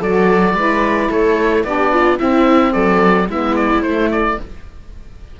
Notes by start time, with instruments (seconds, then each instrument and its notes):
0.00 cello F#3, saxophone F#4, viola A4, oboe D5
0.54 cello G#3, saxophone E4, viola B4
1.10 cello A3, viola A4, oboe C#5
1.64 cello B3, saxophone D4, viola G4, oboe D5
1.93 viola F4
2.17 saxophone C4, cello C4, viola E4, oboe E5
2.73 cello F#3, viola A4, oboe D5
3.28 cello G#3, saxophone B3, viola E4, oboe E5
3.56 oboe D5
3.82 cello A3, saxophone A3, oboe C5
4.12 oboe D5